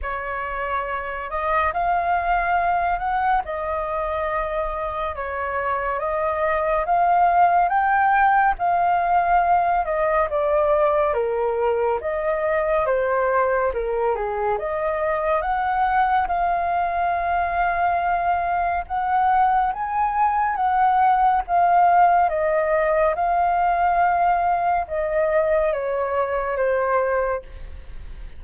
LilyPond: \new Staff \with { instrumentName = "flute" } { \time 4/4 \tempo 4 = 70 cis''4. dis''8 f''4. fis''8 | dis''2 cis''4 dis''4 | f''4 g''4 f''4. dis''8 | d''4 ais'4 dis''4 c''4 |
ais'8 gis'8 dis''4 fis''4 f''4~ | f''2 fis''4 gis''4 | fis''4 f''4 dis''4 f''4~ | f''4 dis''4 cis''4 c''4 | }